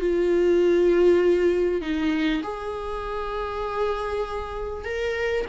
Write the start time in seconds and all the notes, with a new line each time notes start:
0.00 F4
1.81 D#4
2.43 G#4
4.85 A#4